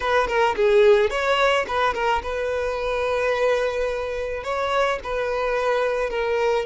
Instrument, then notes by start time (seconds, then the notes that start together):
violin
0.00 B4
0.27 A#4
0.56 G#4
1.10 C#5
1.67 B4
1.94 A#4
2.22 B4
4.43 C#5
5.03 B4
6.10 A#4